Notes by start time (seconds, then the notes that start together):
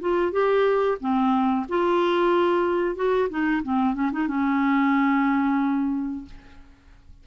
0.00 F4
0.32 G4
1.00 C4
1.69 F4
2.96 F#4
3.29 D#4
3.63 C4
3.94 C#4
4.12 D#4
4.27 C#4